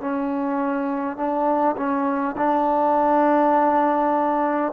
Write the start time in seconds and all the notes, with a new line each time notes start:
0.00 C#4
1.16 D4
1.76 C#4
2.37 D4